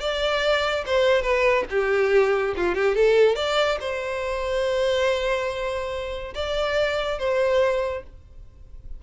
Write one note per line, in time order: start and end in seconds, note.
0.00 0.85 D5
0.86 1.22 C5
1.22 1.64 B4
1.70 2.54 G4
2.56 2.75 F4
2.75 2.95 G4
2.95 3.36 A4
3.36 3.78 D5
3.80 6.34 C5
6.34 7.19 D5
7.19 8.03 C5